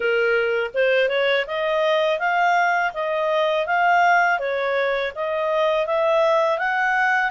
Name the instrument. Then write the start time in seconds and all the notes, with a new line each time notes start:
clarinet
0.00 A#4
0.74 C5
1.08 C#5
1.46 D#5
2.19 F5
2.93 D#5
3.66 F5
4.39 C#5
5.15 D#5
5.86 E5
6.58 F#5